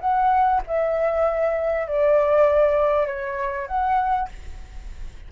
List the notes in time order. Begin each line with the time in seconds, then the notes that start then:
0.00 F#5
0.67 E5
1.87 D5
3.06 C#5
3.68 F#5